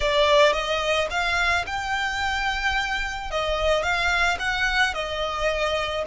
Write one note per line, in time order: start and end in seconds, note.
0.00 0.52 D5
0.52 1.07 D#5
1.10 1.65 F5
1.66 3.30 G5
3.30 3.82 D#5
3.82 4.37 F5
4.39 4.94 F#5
4.94 6.04 D#5